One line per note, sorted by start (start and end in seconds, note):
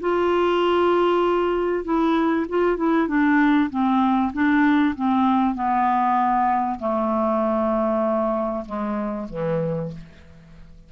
0.00 1.84 F4
1.84 2.46 E4
2.49 2.76 F4
2.76 3.07 E4
3.07 3.69 D4
3.70 4.32 C4
4.33 4.95 D4
4.95 5.55 C4
5.55 6.78 B3
6.79 8.64 A3
8.65 9.27 G#3
9.29 9.91 E3